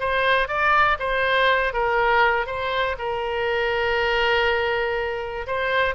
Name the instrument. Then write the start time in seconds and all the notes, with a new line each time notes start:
oboe
0.00 C5
0.48 D5
0.99 C5
1.73 A#4
2.46 C5
2.98 A#4
5.47 C5